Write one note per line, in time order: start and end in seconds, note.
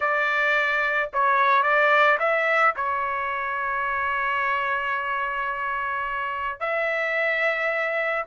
0.00 1.10 D5
1.13 1.62 C#5
1.62 2.17 D5
2.19 2.74 E5
2.75 6.60 C#5
6.60 8.25 E5